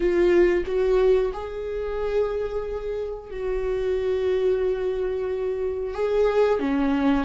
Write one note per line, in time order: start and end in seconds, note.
0.00 0.64 F4
0.66 1.32 F#4
1.33 3.30 G#4
3.30 5.93 F#4
5.93 6.59 G#4
6.59 7.25 C#4